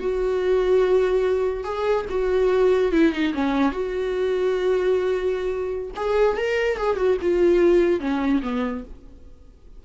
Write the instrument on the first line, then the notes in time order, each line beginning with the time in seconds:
viola
0.00 F#4
1.64 G#4
2.09 F#4
2.92 E4
3.12 D#4
3.34 C#4
3.72 F#4
5.96 G#4
6.37 A#4
6.77 G#4
6.96 F#4
7.22 F4
8.00 C#4
8.42 B3